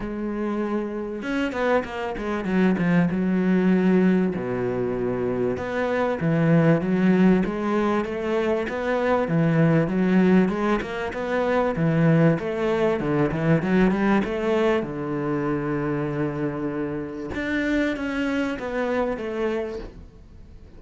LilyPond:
\new Staff \with { instrumentName = "cello" } { \time 4/4 \tempo 4 = 97 gis2 cis'8 b8 ais8 gis8 | fis8 f8 fis2 b,4~ | b,4 b4 e4 fis4 | gis4 a4 b4 e4 |
fis4 gis8 ais8 b4 e4 | a4 d8 e8 fis8 g8 a4 | d1 | d'4 cis'4 b4 a4 | }